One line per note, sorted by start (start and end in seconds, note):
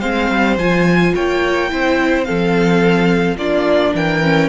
0.00 0.30 G#3
0.00 0.58 C4
0.00 1.12 C5
0.00 0.56 F5
0.30 0.57 G3
0.57 1.13 F3
0.57 1.69 F4
0.57 1.14 G#5
1.15 1.72 A#3
1.15 1.71 C#5
1.15 2.24 G5
1.69 2.28 C4
1.69 2.25 E4
1.69 2.27 C5
2.24 3.37 F3
2.24 3.37 C4
2.24 3.37 A4
2.24 3.36 F5
3.37 3.93 A#3
3.37 4.23 D4
3.37 3.93 F4
3.37 3.94 D5
3.94 4.49 E3
3.94 4.49 A#4
3.94 4.49 G5
4.23 4.49 C#4